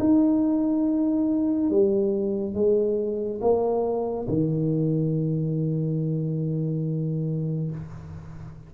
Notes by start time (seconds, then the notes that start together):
0.00 D#4
1.71 G3
2.55 G#3
3.42 A#3
4.29 D#3